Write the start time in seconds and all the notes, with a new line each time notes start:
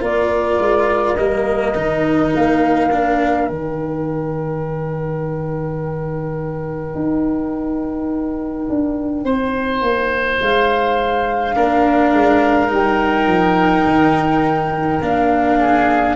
0.00 A#3 F4 A#4 D5
0.58 G#3
1.15 G3 A#3 D#5
1.74 D#3 D#4
2.34 A#3 F5
2.91 D4
3.46 D#3 D#4 G5
6.94 D#4
8.69 D4
9.24 C4 C5
9.81 A#3
10.41 G#3 F5
11.55 A#3 D4 A#4
12.12 G#3
12.68 G3 D#4 G5
13.26 F3
13.86 D#3
15.01 A#3 D4 F5
15.59 G#4